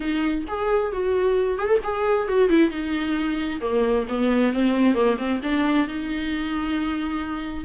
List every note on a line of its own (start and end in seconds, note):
0.00 0.44 D#4
0.47 0.92 G#4
0.92 1.58 F#4
1.58 1.67 G#4
1.67 1.78 A4
1.83 2.28 G#4
2.28 2.49 F#4
2.49 2.70 E4
2.70 3.60 D#4
3.60 4.06 A#3
4.08 4.53 B3
4.53 4.94 C4
4.94 5.17 A#3
5.18 5.40 C4
5.43 5.87 D4
5.87 7.64 D#4